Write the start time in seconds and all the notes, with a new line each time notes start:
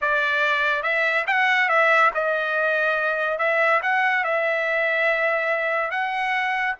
0.01 D5
0.83 E5
1.27 F#5
1.68 E5
2.14 D#5
3.38 E5
3.82 F#5
4.24 E5
5.90 F#5